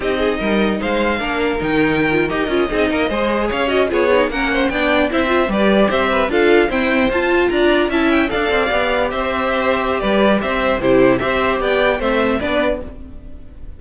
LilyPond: <<
  \new Staff \with { instrumentName = "violin" } { \time 4/4 \tempo 4 = 150 dis''2 f''2 | g''4.~ g''16 dis''2~ dis''16~ | dis''8. f''8 dis''8 cis''4 fis''4 g''16~ | g''8. e''4 d''4 e''4 f''16~ |
f''8. g''4 a''4 ais''4 a''16~ | a''16 g''8 f''2 e''4~ e''16~ | e''4 d''4 e''4 c''4 | e''4 g''4 e''4 d''4 | }
  \new Staff \with { instrumentName = "violin" } { \time 4/4 g'8 gis'8 ais'4 c''4 ais'4~ | ais'2~ ais'8. gis'8 ais'8 c''16~ | c''8. cis''4 gis'4 ais'8 c''8 d''16~ | d''8. c''4 b'4 c''8 b'8 a'16~ |
a'8. c''2 d''4 e''16~ | e''8. d''2 c''4~ c''16~ | c''4 b'4 c''4 g'4 | c''4 d''4 c''4 b'4 | }
  \new Staff \with { instrumentName = "viola" } { \time 4/4 dis'2. d'4 | dis'4~ dis'16 f'8 g'8 f'8 dis'4 gis'16~ | gis'4~ gis'16 fis'8 f'8 dis'8 cis'4 d'16~ | d'8. e'8 f'8 g'2 f'16~ |
f'8. c'4 f'2 e'16~ | e'8. a'4 g'2~ g'16~ | g'2. e'4 | g'2 c'4 d'4 | }
  \new Staff \with { instrumentName = "cello" } { \time 4/4 c'4 g4 gis4 ais4 | dis4.~ dis16 dis'8 cis'8 c'8 ais8 gis16~ | gis8. cis'4 b4 ais4 b16~ | b8. c'4 g4 c'4 d'16~ |
d'8. e'4 f'4 d'4 cis'16~ | cis'8. d'8 c'8 b4 c'4~ c'16~ | c'4 g4 c'4 c4 | c'4 b4 a4 b4 | }
>>